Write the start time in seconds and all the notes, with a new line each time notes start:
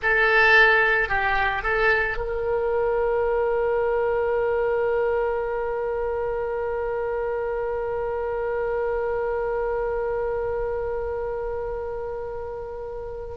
0.02 A4
1.09 G4
1.63 A4
2.17 A#4